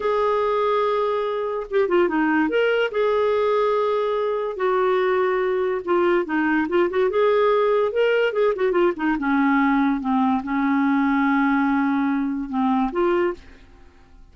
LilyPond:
\new Staff \with { instrumentName = "clarinet" } { \time 4/4 \tempo 4 = 144 gis'1 | g'8 f'8 dis'4 ais'4 gis'4~ | gis'2. fis'4~ | fis'2 f'4 dis'4 |
f'8 fis'8 gis'2 ais'4 | gis'8 fis'8 f'8 dis'8 cis'2 | c'4 cis'2.~ | cis'2 c'4 f'4 | }